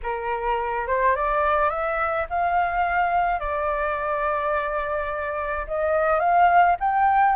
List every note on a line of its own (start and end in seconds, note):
0.02 0.87 A#4
0.87 1.15 C5
1.15 1.70 D5
1.70 2.26 E5
2.29 3.39 F5
3.39 5.66 D5
5.67 6.19 D#5
6.19 6.76 F5
6.80 7.35 G5